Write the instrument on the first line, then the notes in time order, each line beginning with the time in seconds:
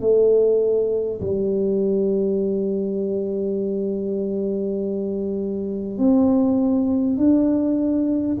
tuba
0.00 A3
1.21 G3
5.98 C4
7.17 D4